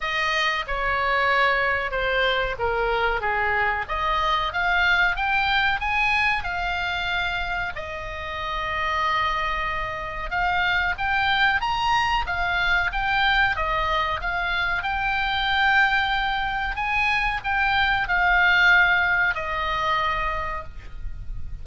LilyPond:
\new Staff \with { instrumentName = "oboe" } { \time 4/4 \tempo 4 = 93 dis''4 cis''2 c''4 | ais'4 gis'4 dis''4 f''4 | g''4 gis''4 f''2 | dis''1 |
f''4 g''4 ais''4 f''4 | g''4 dis''4 f''4 g''4~ | g''2 gis''4 g''4 | f''2 dis''2 | }